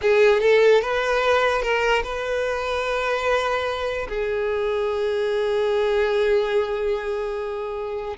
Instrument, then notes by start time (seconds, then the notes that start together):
violin
0.01 G#4
0.40 A4
0.81 B4
1.62 A#4
2.03 B4
4.09 G#4